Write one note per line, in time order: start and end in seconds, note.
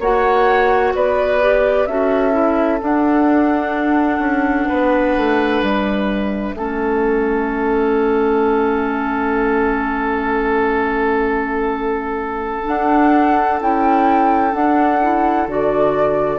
0.00 0.94 A#3
0.00 1.42 F#4
0.00 0.94 C#5
0.00 0.95 F#5
0.95 1.87 B3
0.95 1.89 B4
0.95 1.87 D5
1.42 1.88 G4
1.87 2.81 C#4
1.87 2.32 F#4
1.87 4.69 A4
1.87 2.80 E5
2.32 2.79 E4
2.82 6.57 D4
2.82 4.19 D4
2.82 5.64 F#5
4.19 4.66 C#4
4.69 5.17 B3
4.69 6.56 B4
5.17 5.63 A3
5.63 6.54 G3
5.63 12.67 E5
6.54 12.63 A3
6.54 12.65 C#4
6.54 16.39 A4
12.65 13.59 D4
12.65 13.61 D4
12.65 13.61 F#5
13.61 14.54 C#4
13.61 14.52 E4
13.61 14.55 G5
14.52 14.98 D4
14.52 15.48 D4
14.52 15.49 F#5
15.02 15.49 E4
15.48 16.39 D3
15.48 16.39 F#4
15.48 16.39 D5